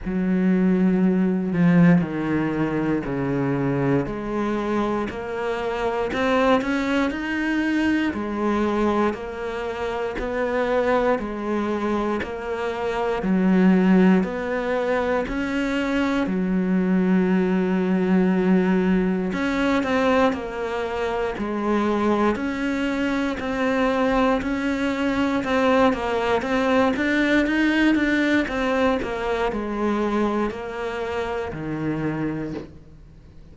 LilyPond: \new Staff \with { instrumentName = "cello" } { \time 4/4 \tempo 4 = 59 fis4. f8 dis4 cis4 | gis4 ais4 c'8 cis'8 dis'4 | gis4 ais4 b4 gis4 | ais4 fis4 b4 cis'4 |
fis2. cis'8 c'8 | ais4 gis4 cis'4 c'4 | cis'4 c'8 ais8 c'8 d'8 dis'8 d'8 | c'8 ais8 gis4 ais4 dis4 | }